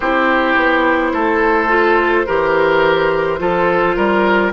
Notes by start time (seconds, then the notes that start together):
0.00 C4 E4 G4 C5
0.56 B3
1.12 A3 A4
1.68 F4
2.26 E3 G4 A#4
3.38 F3 F4 A4
3.96 G3 A#4